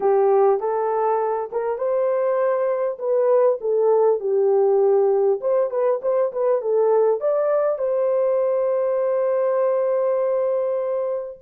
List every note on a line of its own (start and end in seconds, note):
0.00 0.59 G4
0.59 1.49 A4
1.52 1.78 A#4
1.78 2.98 C5
2.98 3.58 B4
3.61 4.20 A4
4.20 5.40 G4
5.40 5.70 C5
5.70 6.00 B4
6.02 6.32 C5
6.32 6.61 B4
6.61 7.20 A4
7.20 7.78 D5
7.78 11.38 C5